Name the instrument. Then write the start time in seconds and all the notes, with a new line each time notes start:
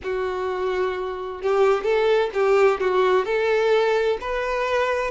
violin
0.03 F#4
1.42 G4
1.83 A4
2.33 G4
2.80 F#4
3.25 A4
4.21 B4